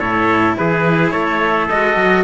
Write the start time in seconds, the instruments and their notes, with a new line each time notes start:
0.00 cello A2 E4, trumpet A4 C#5
0.57 cello E3, trumpet G#4 B4
1.11 cello A3, trumpet A4 C#5
1.70 cello G#3 F#4, trumpet D#5
1.97 cello F#3